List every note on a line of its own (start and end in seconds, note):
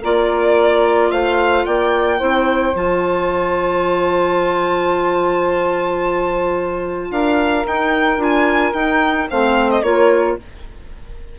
0.00 1.11 A#3
0.00 2.18 F4
0.00 1.09 A#4
0.00 1.11 D5
1.11 1.66 A3
1.11 1.65 C5
1.11 1.65 F5
1.65 2.21 A#3
1.65 2.18 D5
1.65 2.75 G5
2.18 2.74 C4
2.18 2.73 E4
2.18 7.09 C5
2.74 7.11 F3
2.74 7.66 F4
2.74 7.11 A5
7.11 7.65 D4
7.11 9.30 A#4
7.11 7.66 F5
7.66 8.18 D#4
7.66 8.17 D#4
7.66 8.22 G5
8.17 8.72 D4
8.17 8.72 F4
8.17 8.73 G#5
8.73 9.28 D#4
8.73 9.29 D#4
8.73 9.28 G5
9.30 9.82 A3
9.30 9.83 C4
9.30 9.84 C5
9.30 9.70 F5
9.70 9.83 D#5
9.82 10.37 A#3
9.82 10.38 F4
9.82 10.39 A#4
9.82 10.37 C#5